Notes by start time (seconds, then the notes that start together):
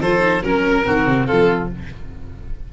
0.00 F3 F4 A4 C5
0.20 D#4
0.42 F#3 C#4 A#4
0.83 D#3 C4 F#4
1.05 C3
1.26 F3 F4 A4